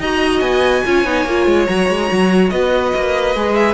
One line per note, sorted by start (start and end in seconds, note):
0.00 0.41 D#4
0.00 0.86 F#4
0.00 0.85 D#5
0.00 0.41 A#5
0.41 0.83 B3
0.41 1.66 G#5
0.86 1.05 C#4
0.86 1.05 F4
0.86 2.54 C#5
1.05 1.26 B3
1.05 1.26 D#4
1.26 1.46 A#3
1.26 1.68 F4
1.46 1.67 G#3
1.66 1.90 F#3
1.66 3.36 F#4
1.66 2.50 A#5
1.90 2.11 G#3
2.12 2.52 F#3
2.50 2.94 B3
2.50 3.75 B4
2.50 3.55 D#5
2.95 3.36 A#3
3.36 3.75 G#3
3.36 3.75 G#4
3.55 3.75 E5